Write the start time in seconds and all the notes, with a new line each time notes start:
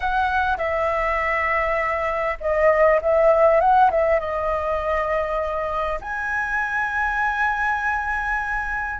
0.00 F#5
0.57 E5
2.40 D#5
3.01 E5
3.60 F#5
3.90 E5
4.19 D#5
6.01 G#5